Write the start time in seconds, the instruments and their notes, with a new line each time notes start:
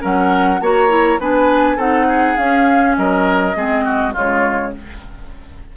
0.00 bassoon F#3, clarinet C#4, oboe A#4, flute F#5
0.61 bassoon A#3, clarinet F#4, oboe C#5, flute A#5
0.88 clarinet E4
1.19 bassoon B3, clarinet D4, oboe B4, flute G#5
1.76 bassoon C4, clarinet D#4, oboe A4, flute F#5
2.08 oboe G#4
2.37 clarinet C#4, bassoon C#4, flute F5
2.96 bassoon F#3, oboe A#4, flute D#5
3.55 bassoon G#3, clarinet C4, oboe G#4
3.84 oboe F#4
4.13 bassoon C#3, clarinet G#3, oboe F4, flute C#5